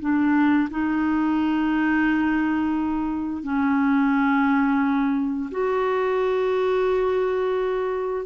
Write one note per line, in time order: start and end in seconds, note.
0.00 0.69 D4
0.70 3.43 D#4
3.43 5.50 C#4
5.51 8.26 F#4